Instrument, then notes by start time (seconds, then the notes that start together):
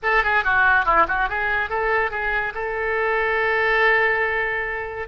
oboe
0.02 A4
0.23 G#4
0.44 F#4
0.85 E4
1.08 F#4
1.29 G#4
1.69 A4
2.10 G#4
2.54 A4